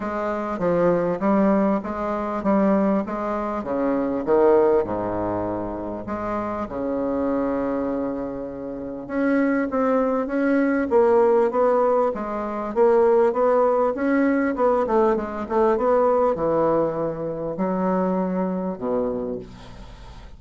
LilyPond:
\new Staff \with { instrumentName = "bassoon" } { \time 4/4 \tempo 4 = 99 gis4 f4 g4 gis4 | g4 gis4 cis4 dis4 | gis,2 gis4 cis4~ | cis2. cis'4 |
c'4 cis'4 ais4 b4 | gis4 ais4 b4 cis'4 | b8 a8 gis8 a8 b4 e4~ | e4 fis2 b,4 | }